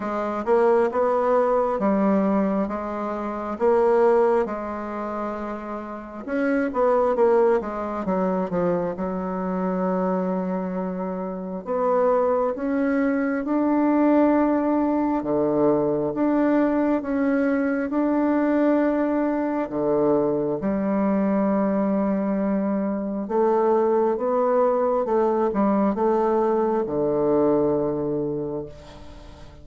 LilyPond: \new Staff \with { instrumentName = "bassoon" } { \time 4/4 \tempo 4 = 67 gis8 ais8 b4 g4 gis4 | ais4 gis2 cis'8 b8 | ais8 gis8 fis8 f8 fis2~ | fis4 b4 cis'4 d'4~ |
d'4 d4 d'4 cis'4 | d'2 d4 g4~ | g2 a4 b4 | a8 g8 a4 d2 | }